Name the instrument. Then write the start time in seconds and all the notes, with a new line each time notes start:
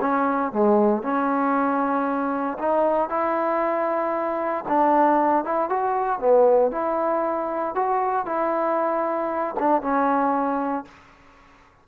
trombone
0.00 C#4
0.52 G#3
1.02 C#4
2.58 D#4
3.09 E4
4.68 D4
5.44 E4
5.69 F#4
6.19 B3
6.71 E4
7.74 F#4
8.25 E4
9.59 D4
9.81 C#4